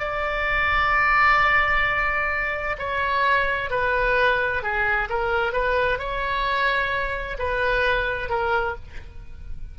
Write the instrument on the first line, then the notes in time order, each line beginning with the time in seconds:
oboe
0.00 D5
2.79 C#5
3.71 B4
4.63 G#4
5.10 A#4
5.53 B4
5.99 C#5
7.39 B4
8.30 A#4